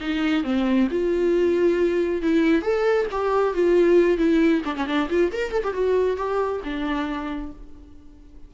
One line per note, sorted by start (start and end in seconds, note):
0.00 0.43 D#4
0.43 0.87 C4
0.90 2.22 F4
2.22 2.62 E4
2.62 3.06 A4
3.11 3.54 G4
3.54 4.17 F4
4.17 4.61 E4
4.64 4.75 D4
4.76 4.86 C#4
4.86 5.08 D4
5.09 5.31 F4
5.32 5.51 A#4
5.51 5.62 A4
5.63 5.73 G4
5.73 6.16 F#4
6.16 6.61 G4
6.64 7.52 D4